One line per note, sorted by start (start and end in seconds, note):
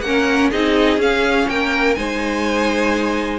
0.00 0.48 A#3
0.00 0.52 C#4
0.00 0.51 A#4
0.00 0.49 F#5
0.51 0.97 C4
0.51 0.98 D#4
0.51 1.47 G#4
0.51 0.99 D#5
0.97 1.46 C#4
0.97 1.95 C#4
0.97 1.48 F5
1.48 1.96 A#3
1.48 1.97 A#4
1.48 1.94 G5
1.94 3.39 G#3
1.94 3.39 D#4
1.94 3.39 C5
1.94 3.39 G#5